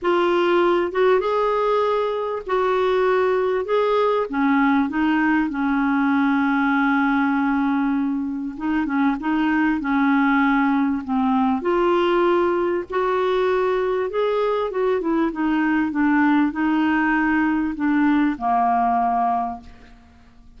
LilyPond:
\new Staff \with { instrumentName = "clarinet" } { \time 4/4 \tempo 4 = 98 f'4. fis'8 gis'2 | fis'2 gis'4 cis'4 | dis'4 cis'2.~ | cis'2 dis'8 cis'8 dis'4 |
cis'2 c'4 f'4~ | f'4 fis'2 gis'4 | fis'8 e'8 dis'4 d'4 dis'4~ | dis'4 d'4 ais2 | }